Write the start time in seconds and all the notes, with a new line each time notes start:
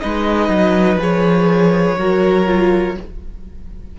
0.00 G#3 D#4 B4 D#5
0.48 F#3
0.96 F3 G#4
1.02 C#5
1.98 F#3 F#4 A#4
2.46 F4